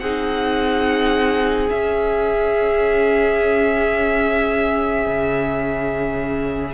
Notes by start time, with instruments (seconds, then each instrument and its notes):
0.00 cello C4, viola D#4, violin G#4 F#5
1.68 viola C#4, cello C#4, violin E5
5.06 cello C#3